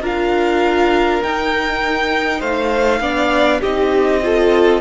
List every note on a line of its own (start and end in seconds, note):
0.00 1.20 D4
0.00 1.22 F4
0.00 2.39 A#4
0.00 1.22 F5
1.22 2.40 D#4
1.22 3.01 D#4
1.22 2.41 G5
2.39 3.00 A3
2.39 2.99 C5
2.39 3.61 F5
3.00 3.60 B3
3.00 3.61 D4
3.00 3.60 D5
3.60 4.81 C4
3.60 4.22 D#4
3.60 4.20 G4
3.60 4.81 D#5
4.22 4.81 F4
4.22 4.81 A4